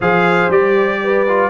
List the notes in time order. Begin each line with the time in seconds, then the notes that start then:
0.00 F3 G#4 C5 F5
0.49 G3 G4 D5
1.03 B4
1.27 F4